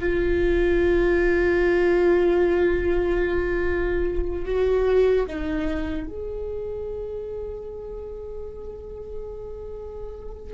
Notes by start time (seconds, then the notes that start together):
0.00 F4
4.45 F#4
5.27 D#4
6.08 G#4